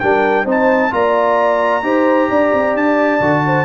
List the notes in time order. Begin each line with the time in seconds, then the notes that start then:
0.00 G3 D4 A#4 G5
0.45 C4 D#4 C5
0.51 A5
0.91 A#3 F4 D5 A#5
1.83 D#4 G4 C5
2.29 D4 D5
2.54 C4
2.74 D4 A5
3.21 D3 F#4
3.46 C5